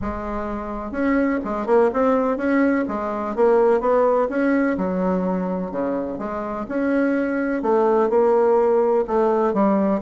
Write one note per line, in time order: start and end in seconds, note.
0.01 0.91 G#3
0.91 1.39 C#4
1.44 1.66 G#3
1.66 1.90 A#3
1.93 2.37 C4
2.37 2.84 C#4
2.87 3.35 G#3
3.35 3.80 A#3
3.80 4.28 B3
4.29 4.76 C#4
4.77 5.71 F#3
5.71 6.18 C#3
6.18 6.65 G#3
6.68 7.62 C#4
7.62 8.09 A3
8.09 9.05 A#3
9.07 9.53 A3
9.53 10.01 G3